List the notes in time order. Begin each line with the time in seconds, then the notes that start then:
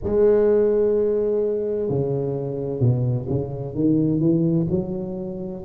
0.03 G#3
1.89 C#3
2.80 B2
3.29 C#3
3.74 D#3
4.20 E3
4.70 F#3